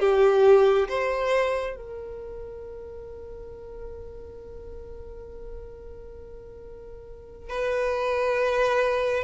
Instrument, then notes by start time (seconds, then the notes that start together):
violin
0.00 G4
0.89 C5
1.76 A#4
7.50 B4